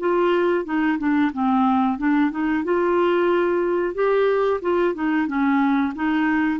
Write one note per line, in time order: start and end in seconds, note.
0.00 0.65 F4
0.65 0.98 D#4
0.99 1.32 D4
1.33 1.99 C4
1.99 2.31 D4
2.31 2.64 D#4
2.65 3.95 F4
3.95 4.61 G4
4.62 4.95 F4
4.95 5.28 D#4
5.28 5.94 C#4
5.96 6.60 D#4